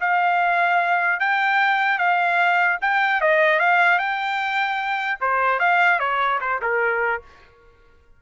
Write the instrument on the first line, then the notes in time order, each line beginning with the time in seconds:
trumpet
0.00 F5
1.20 G5
1.98 F5
2.81 G5
3.21 D#5
3.59 F5
3.98 G5
5.20 C5
5.59 F5
5.99 C#5
6.40 C5
6.61 A#4